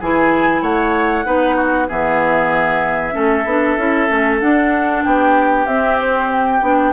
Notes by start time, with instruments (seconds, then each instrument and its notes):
0.00 bassoon E3, clarinet E4, oboe G#4, flute G#5
0.62 bassoon A3, oboe C#5, flute F#5
1.25 bassoon B3, clarinet D#4, oboe B4
1.56 oboe F#4
1.88 bassoon E3, clarinet B3, oboe G#4, flute E5
3.12 bassoon A3, clarinet C#4, oboe A4
3.45 bassoon B3, clarinet D4
3.77 bassoon C#4, clarinet E4
4.08 bassoon A3, clarinet C#4
4.40 clarinet D4, bassoon D4, flute F#5
5.04 bassoon B3, oboe G4, flute G5
5.66 bassoon C4, clarinet C4, flute E5
5.99 flute C5
6.31 flute G5
6.62 bassoon B3, clarinet D4